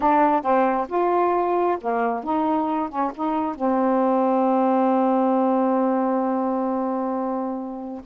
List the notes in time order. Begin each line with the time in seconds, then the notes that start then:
0.00 D4
0.42 C4
0.88 F4
1.81 A#3
2.23 D#4
2.89 C#4
3.14 D#4
3.55 C4